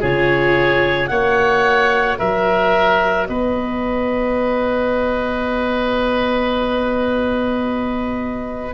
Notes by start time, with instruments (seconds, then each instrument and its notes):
0.00 tuba C#3, viola F4, oboe G#4, clarinet C#5
1.07 tuba A#3, viola F#4, oboe C#5, clarinet F#5
2.18 tuba F#3, oboe A#4, clarinet E5
3.26 tuba B3, oboe B4, clarinet D#5